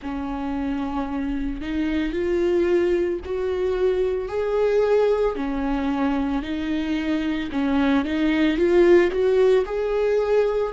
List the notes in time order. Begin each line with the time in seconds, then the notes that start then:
0.02 C#4
1.61 D#4
2.12 F4
3.24 F#4
4.28 G#4
5.35 C#4
6.42 D#4
7.51 C#4
8.04 D#4
8.57 F4
9.11 F#4
9.65 G#4